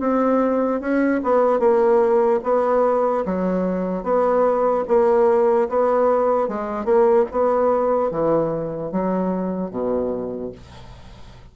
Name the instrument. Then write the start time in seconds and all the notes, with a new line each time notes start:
bassoon
0.00 C4
0.81 C#4
1.24 B3
1.60 A#3
2.44 B3
3.26 F#3
4.04 B3
4.88 A#3
5.69 B3
6.49 G#3
6.86 A#3
7.32 B3
8.12 E3
8.92 F#3
9.71 B2